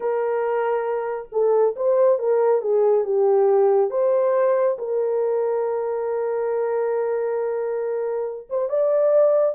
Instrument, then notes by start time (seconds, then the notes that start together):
horn
0.00 A#4
1.32 A4
1.76 C5
2.18 A#4
2.61 G#4
3.04 G4
3.90 C5
4.78 A#4
8.49 C5
8.69 D5